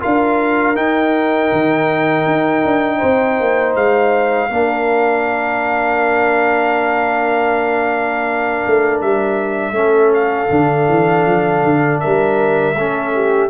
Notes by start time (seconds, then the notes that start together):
0.00 D4 F4 A#4 F5
0.75 D#4 G5
1.53 D#3
2.26 D#4
2.64 D4
2.98 C4 C5
3.40 A#3
3.75 G#3 F5
4.50 A#3 D4 A#4
8.66 A3
9.01 G3 E5
9.72 A3 C#4 A4
10.14 F5
10.50 D3 D4
10.88 E3
11.26 F3
11.63 D3
12.00 G3 A#4 E5
12.75 A3 C#4 A4
13.15 G4